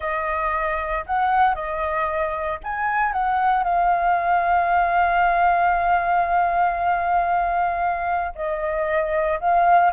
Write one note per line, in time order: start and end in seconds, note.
0.00 1.04 D#5
1.06 1.54 F#5
1.54 2.59 D#5
2.63 3.12 G#5
3.12 3.63 F#5
3.63 8.33 F5
8.35 9.39 D#5
9.40 9.92 F5